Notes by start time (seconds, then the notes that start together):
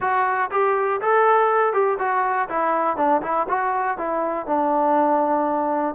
0.00 F#4
0.51 G4
1.01 A4
1.73 G4
1.98 F#4
2.48 E4
2.97 D4
3.21 E4
3.48 F#4
3.97 E4
4.46 D4